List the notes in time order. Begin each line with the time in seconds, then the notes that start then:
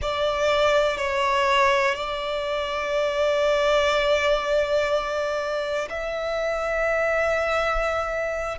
0.01 D5
0.97 C#5
1.94 D5
5.89 E5